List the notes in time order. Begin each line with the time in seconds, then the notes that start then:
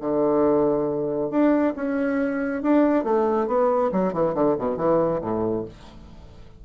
0.00 D3
1.30 D4
1.75 C#4
2.62 D4
3.04 A3
3.47 B3
3.92 F#3
4.13 E3
4.34 D3
4.58 B2
4.77 E3
5.21 A2